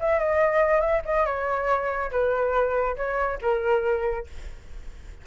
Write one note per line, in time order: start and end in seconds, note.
0.00 0.19 E5
0.19 0.80 D#5
0.80 1.02 E5
1.05 1.26 D#5
1.26 2.11 C#5
2.11 2.96 B4
2.96 3.39 C#5
3.42 4.27 A#4